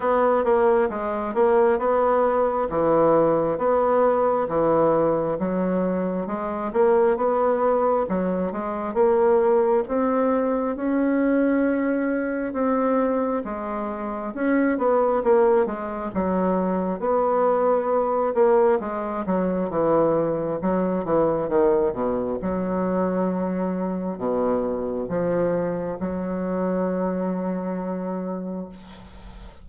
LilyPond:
\new Staff \with { instrumentName = "bassoon" } { \time 4/4 \tempo 4 = 67 b8 ais8 gis8 ais8 b4 e4 | b4 e4 fis4 gis8 ais8 | b4 fis8 gis8 ais4 c'4 | cis'2 c'4 gis4 |
cis'8 b8 ais8 gis8 fis4 b4~ | b8 ais8 gis8 fis8 e4 fis8 e8 | dis8 b,8 fis2 b,4 | f4 fis2. | }